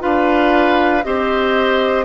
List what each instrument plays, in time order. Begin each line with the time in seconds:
0.00 bassoon D4, clarinet F4, oboe B4, flute F5
1.04 bassoon C4, clarinet G4, oboe C5, flute D#5